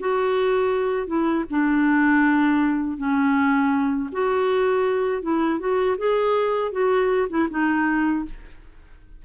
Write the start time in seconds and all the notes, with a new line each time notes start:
0.00 F#4
1.07 E4
1.50 D4
2.98 C#4
4.12 F#4
5.23 E4
5.59 F#4
5.98 G#4
6.72 F#4
7.30 E4
7.50 D#4